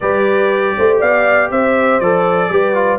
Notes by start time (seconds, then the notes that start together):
0.00 G3 G4 B4 D5
0.77 A3 C5
0.99 B3 D5 F5
1.50 C4 C5 E5
1.99 F3 A4 D5
2.49 G3 G4 B4
2.74 F4